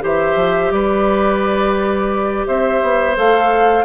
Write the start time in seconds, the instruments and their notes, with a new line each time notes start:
0.00 bassoon E3, clarinet G4, oboe C5, flute E5
0.35 bassoon F3
0.71 bassoon G3, oboe B4, flute D5
2.47 bassoon C4, oboe C5, flute E5
2.82 bassoon B3
3.15 bassoon A3, clarinet A4, flute F5